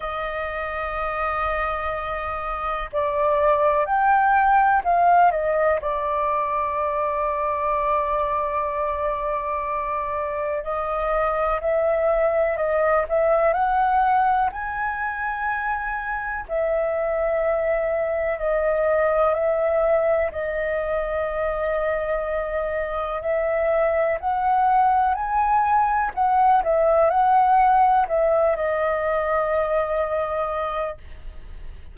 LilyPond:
\new Staff \with { instrumentName = "flute" } { \time 4/4 \tempo 4 = 62 dis''2. d''4 | g''4 f''8 dis''8 d''2~ | d''2. dis''4 | e''4 dis''8 e''8 fis''4 gis''4~ |
gis''4 e''2 dis''4 | e''4 dis''2. | e''4 fis''4 gis''4 fis''8 e''8 | fis''4 e''8 dis''2~ dis''8 | }